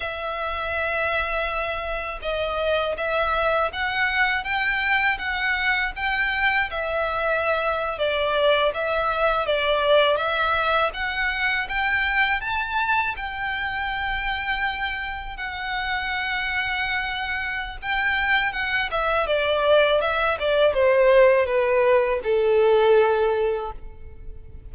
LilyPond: \new Staff \with { instrumentName = "violin" } { \time 4/4 \tempo 4 = 81 e''2. dis''4 | e''4 fis''4 g''4 fis''4 | g''4 e''4.~ e''16 d''4 e''16~ | e''8. d''4 e''4 fis''4 g''16~ |
g''8. a''4 g''2~ g''16~ | g''8. fis''2.~ fis''16 | g''4 fis''8 e''8 d''4 e''8 d''8 | c''4 b'4 a'2 | }